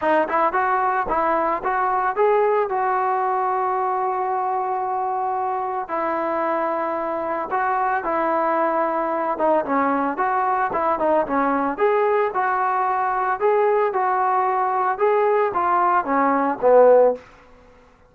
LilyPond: \new Staff \with { instrumentName = "trombone" } { \time 4/4 \tempo 4 = 112 dis'8 e'8 fis'4 e'4 fis'4 | gis'4 fis'2.~ | fis'2. e'4~ | e'2 fis'4 e'4~ |
e'4. dis'8 cis'4 fis'4 | e'8 dis'8 cis'4 gis'4 fis'4~ | fis'4 gis'4 fis'2 | gis'4 f'4 cis'4 b4 | }